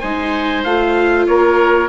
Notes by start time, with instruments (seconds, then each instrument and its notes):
0.00 bassoon G#3, viola D#4, oboe C5, trumpet G#5
0.64 bassoon A3, viola F4, trumpet F5
1.27 bassoon A#3, oboe A#4, trumpet C#5